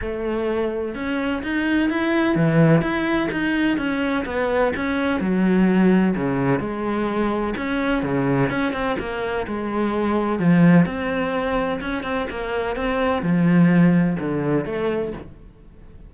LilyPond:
\new Staff \with { instrumentName = "cello" } { \time 4/4 \tempo 4 = 127 a2 cis'4 dis'4 | e'4 e4 e'4 dis'4 | cis'4 b4 cis'4 fis4~ | fis4 cis4 gis2 |
cis'4 cis4 cis'8 c'8 ais4 | gis2 f4 c'4~ | c'4 cis'8 c'8 ais4 c'4 | f2 d4 a4 | }